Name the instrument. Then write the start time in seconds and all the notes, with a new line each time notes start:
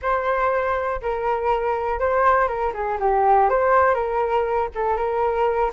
flute
0.02 C5
1.01 A#4
1.99 C5
2.47 A#4
2.73 G#4
3.00 G4
3.49 C5
3.94 A#4
4.74 A4
4.97 A#4